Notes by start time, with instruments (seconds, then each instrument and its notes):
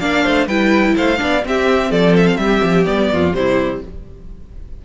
0.00 cello A#3, viola D4, violin D5 F5
0.24 cello A3, violin C5
0.47 cello G3, viola E4, violin B4 G5
0.96 cello A3, violin C5 F5
1.17 cello B3, viola D4, violin D5
1.45 cello C4, viola C4, violin G4 E5
1.91 cello F3, violin A4 D5
2.17 violin E5
2.27 violin F5
2.37 cello G3, violin G4 E5
2.63 cello F3
2.85 cello G3, viola B3, violin D5
3.13 cello F2, violin F4
3.34 cello C3, viola G3, violin E4 C5